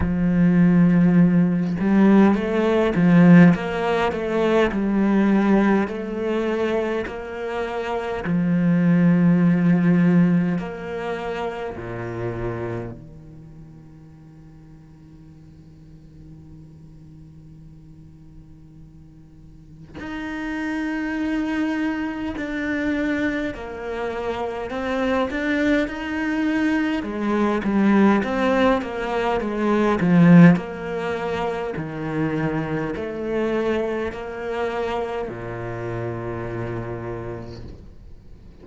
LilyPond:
\new Staff \with { instrumentName = "cello" } { \time 4/4 \tempo 4 = 51 f4. g8 a8 f8 ais8 a8 | g4 a4 ais4 f4~ | f4 ais4 ais,4 dis4~ | dis1~ |
dis4 dis'2 d'4 | ais4 c'8 d'8 dis'4 gis8 g8 | c'8 ais8 gis8 f8 ais4 dis4 | a4 ais4 ais,2 | }